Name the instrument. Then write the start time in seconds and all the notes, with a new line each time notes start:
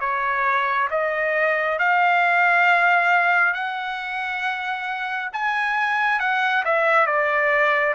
trumpet
0.00 C#5
0.91 D#5
1.79 F5
3.54 F#5
5.33 G#5
6.20 F#5
6.65 E5
7.06 D5